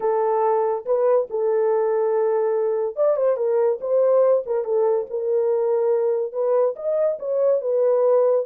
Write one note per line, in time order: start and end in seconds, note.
0.00 0.85 A4
0.85 1.28 B4
1.29 2.96 A4
2.96 3.16 D5
3.16 3.36 C5
3.36 3.79 A#4
3.80 4.44 C5
4.45 4.64 A#4
4.64 5.06 A4
5.10 6.32 A#4
6.32 6.74 B4
6.75 7.18 D#5
7.19 7.61 C#5
7.61 8.45 B4